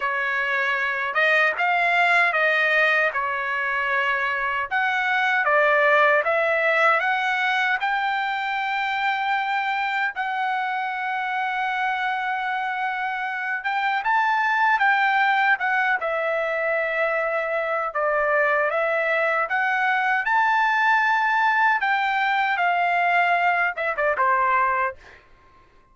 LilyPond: \new Staff \with { instrumentName = "trumpet" } { \time 4/4 \tempo 4 = 77 cis''4. dis''8 f''4 dis''4 | cis''2 fis''4 d''4 | e''4 fis''4 g''2~ | g''4 fis''2.~ |
fis''4. g''8 a''4 g''4 | fis''8 e''2~ e''8 d''4 | e''4 fis''4 a''2 | g''4 f''4. e''16 d''16 c''4 | }